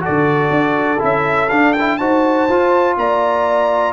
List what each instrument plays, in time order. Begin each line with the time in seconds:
0.00 trombone F#4, horn A4, trumpet D5
0.08 tuba D3
0.50 tuba D4
0.99 tuba C#4, trombone E4, trumpet E5
1.49 trombone D4, tuba D4, trumpet F5
1.73 trumpet G5
1.79 trombone E4
1.97 tuba D#4, trombone F#4, horn C5, trumpet A5
2.49 tuba F4, trombone F4
2.97 tuba A#3, horn D5, trumpet A#5